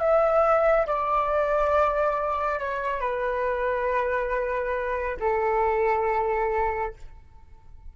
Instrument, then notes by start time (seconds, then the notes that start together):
flute
0.00 E5
0.87 D5
2.60 C#5
3.01 B4
5.20 A4